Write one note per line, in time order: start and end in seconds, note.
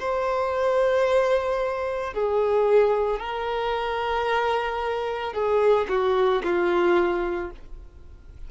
0.00 2.14 C5
2.14 3.20 G#4
3.20 5.34 A#4
5.34 5.87 G#4
5.89 6.43 F#4
6.44 7.51 F4